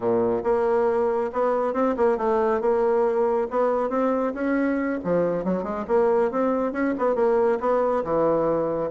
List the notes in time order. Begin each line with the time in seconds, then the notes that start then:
0.00 A#2
0.43 A#3
1.32 B3
1.73 C4
1.96 A#3
2.17 A3
2.60 A#3
3.50 B3
3.89 C4
4.33 C#4
5.04 F3
5.44 F#3
5.63 G#3
5.87 A#3
6.31 C4
6.72 C#4
6.98 B3
7.15 A#3
7.60 B3
8.03 E3